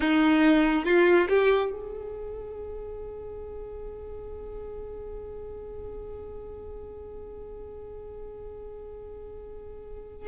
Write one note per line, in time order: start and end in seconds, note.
0.00 0.85 D#4
0.85 1.27 F4
1.29 1.71 G4
1.72 10.27 G#4